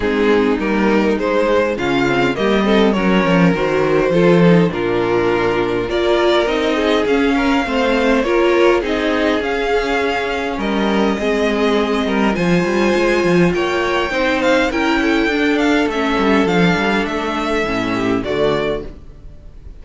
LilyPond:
<<
  \new Staff \with { instrumentName = "violin" } { \time 4/4 \tempo 4 = 102 gis'4 ais'4 c''4 f''4 | dis''4 cis''4 c''2 | ais'2 d''4 dis''4 | f''2 cis''4 dis''4 |
f''2 dis''2~ | dis''4 gis''2 g''4~ | g''8 f''8 g''4. f''8 e''4 | f''4 e''2 d''4 | }
  \new Staff \with { instrumentName = "violin" } { \time 4/4 dis'2. f'4 | g'8 a'8 ais'2 a'4 | f'2 ais'4. gis'8~ | gis'8 ais'8 c''4 ais'4 gis'4~ |
gis'2 ais'4 gis'4~ | gis'8 ais'8 c''2 cis''4 | c''4 ais'8 a'2~ a'8~ | a'2~ a'8 g'8 fis'4 | }
  \new Staff \with { instrumentName = "viola" } { \time 4/4 c'4 ais4 gis4 cis'8 c'8 | ais8 c'8 cis'4 fis'4 f'8 dis'8 | d'2 f'4 dis'4 | cis'4 c'4 f'4 dis'4 |
cis'2. c'4~ | c'4 f'2. | dis'4 e'4 d'4 cis'4 | d'2 cis'4 a4 | }
  \new Staff \with { instrumentName = "cello" } { \time 4/4 gis4 g4 gis4 cis4 | g4 fis8 f8 dis4 f4 | ais,2 ais4 c'4 | cis'4 a4 ais4 c'4 |
cis'2 g4 gis4~ | gis8 g8 f8 g8 gis8 f8 ais4 | c'4 cis'4 d'4 a8 g8 | f8 g8 a4 a,4 d4 | }
>>